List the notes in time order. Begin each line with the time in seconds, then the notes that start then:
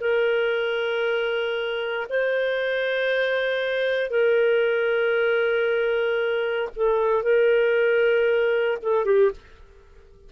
0.00 A#4
2.09 C5
4.10 A#4
6.76 A4
7.23 A#4
8.82 A4
9.05 G4